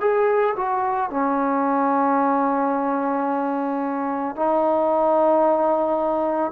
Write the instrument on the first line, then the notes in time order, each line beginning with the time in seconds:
trombone
0.00 G#4
0.56 F#4
1.10 C#4
4.35 D#4